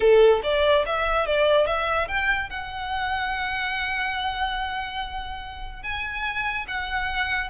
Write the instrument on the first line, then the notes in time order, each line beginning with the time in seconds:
violin
0.00 A4
0.43 D5
0.86 E5
1.26 D5
1.66 E5
2.07 G5
2.49 F#5
5.82 G#5
6.67 F#5